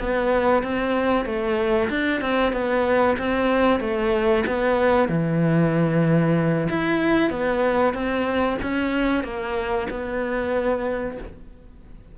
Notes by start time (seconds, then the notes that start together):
0.00 B3
0.63 C4
1.26 A3
1.90 D4
2.22 C4
2.53 B3
3.19 C4
3.81 A3
4.47 B3
5.09 E3
6.70 E4
7.31 B3
7.94 C4
8.63 C#4
9.24 A#3
9.91 B3